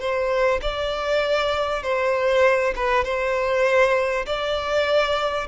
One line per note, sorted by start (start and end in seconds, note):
0.00 0.61 C5
0.62 1.83 D5
1.83 2.74 C5
2.76 3.05 B4
3.05 4.26 C5
4.26 5.47 D5